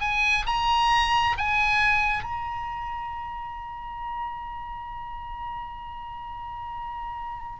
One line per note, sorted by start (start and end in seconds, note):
0.00 0.45 G#5
0.46 1.36 A#5
1.37 2.23 G#5
2.23 7.60 A#5